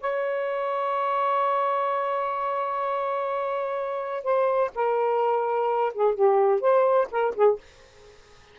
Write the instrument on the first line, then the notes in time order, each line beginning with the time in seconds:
saxophone
0.00 C#5
4.23 C5
4.74 A#4
5.93 G#4
6.14 G4
6.60 C5
7.10 A#4
7.35 G#4